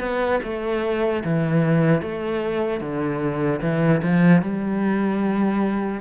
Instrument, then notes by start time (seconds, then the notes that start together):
cello
0.00 B3
0.43 A3
1.24 E3
2.01 A3
2.80 D3
3.61 E3
4.03 F3
4.42 G3